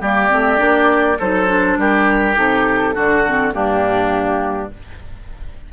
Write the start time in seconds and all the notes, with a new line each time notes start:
0.00 G3 A#3 G4 D5
0.29 A3 C4
0.57 A#3 D4
1.19 F#3 D#4 A4 C5
1.47 D4
1.77 G3 G4 A#4
2.35 C3 D#4 A4
2.94 D3 D4 F#4
3.27 C4
3.53 G2 A#3 D4 G4